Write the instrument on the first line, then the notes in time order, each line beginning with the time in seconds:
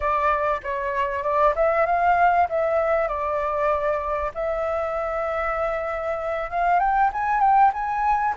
flute
0.00 D5
0.63 C#5
1.23 D5
1.55 E5
1.86 F5
2.49 E5
3.08 D5
4.34 E5
6.50 F5
6.79 G5
7.12 G#5
7.40 G5
7.73 G#5